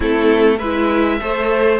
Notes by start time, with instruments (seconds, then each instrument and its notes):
0.00 cello A3, viola C4, violin E4 A4
0.58 cello G#3, viola E4, violin B4 E5
1.21 cello A3, viola A4, violin C5